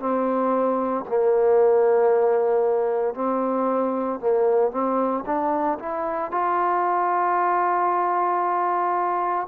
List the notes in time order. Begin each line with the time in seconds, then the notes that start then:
0.00 C4
1.08 A#3
3.15 C4
4.20 A#3
4.71 C4
5.26 D4
5.79 E4
6.32 F4